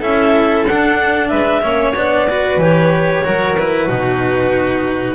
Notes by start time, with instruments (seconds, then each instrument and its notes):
0.00 double bass C#4, cello E4, violin A4, clarinet E5
0.68 double bass D4, cello D4, clarinet F#5
1.29 double bass G#3, violin B4, clarinet E5
1.62 double bass A#3, cello C#4, violin C#5
1.94 double bass B3, cello D4, clarinet D5
2.30 cello F#4, violin B4
2.57 double bass E3, cello G4, clarinet C#5
3.24 double bass F#3, cello F#4, violin A#4
3.57 cello E4, clarinet B4
3.88 double bass B2, cello D#4, violin F#4